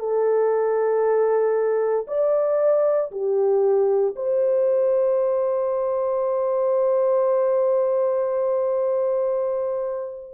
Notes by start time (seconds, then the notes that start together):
0.00 A4
2.08 D5
3.12 G4
4.16 C5